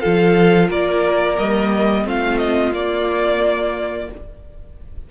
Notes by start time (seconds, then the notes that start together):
0.00 F3 F4 A4 F5
0.69 A#3 A#4 D5
1.36 G3 A#3 D#5
2.04 A3 C4 F4 F5
2.38 D#5
2.72 A#3 D5